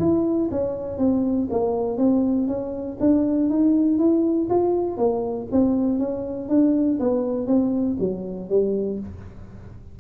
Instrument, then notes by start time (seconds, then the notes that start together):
tuba
0.00 E4
0.52 C#4
0.98 C4
1.51 A#3
1.98 C4
2.48 C#4
3.00 D4
3.50 D#4
3.99 E4
4.50 F4
4.98 A#3
5.52 C4
5.99 C#4
6.49 D4
7.00 B3
7.47 C4
8.00 F#3
8.50 G3